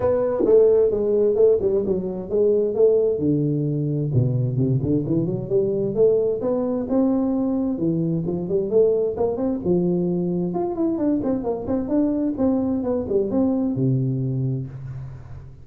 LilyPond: \new Staff \with { instrumentName = "tuba" } { \time 4/4 \tempo 4 = 131 b4 a4 gis4 a8 g8 | fis4 gis4 a4 d4~ | d4 b,4 c8 d8 e8 fis8 | g4 a4 b4 c'4~ |
c'4 e4 f8 g8 a4 | ais8 c'8 f2 f'8 e'8 | d'8 c'8 ais8 c'8 d'4 c'4 | b8 g8 c'4 c2 | }